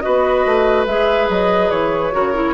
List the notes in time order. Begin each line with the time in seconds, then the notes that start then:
0.00 F#4 B4 D#5
0.06 B3
0.46 A3
0.86 G#3 G#4 E5
1.29 F#3 D#5
1.70 E3 C#5
2.12 C#3 F#4 A#4
2.34 E4